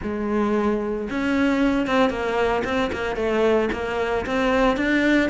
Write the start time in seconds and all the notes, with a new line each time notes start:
0.02 G#3
1.10 C#4
1.86 C4
2.10 A#3
2.64 C4
2.92 A#3
3.16 A3
3.72 A#3
4.26 C4
4.76 D4